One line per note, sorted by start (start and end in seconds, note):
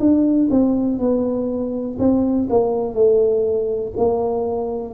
0.00 0.49 D4
0.51 0.99 C4
0.99 1.98 B3
1.99 2.48 C4
2.50 2.94 A#3
2.94 3.93 A3
3.97 4.94 A#3